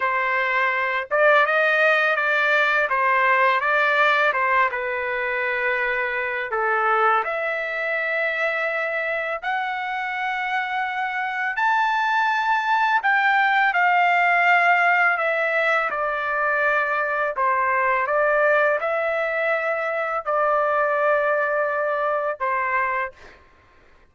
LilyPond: \new Staff \with { instrumentName = "trumpet" } { \time 4/4 \tempo 4 = 83 c''4. d''8 dis''4 d''4 | c''4 d''4 c''8 b'4.~ | b'4 a'4 e''2~ | e''4 fis''2. |
a''2 g''4 f''4~ | f''4 e''4 d''2 | c''4 d''4 e''2 | d''2. c''4 | }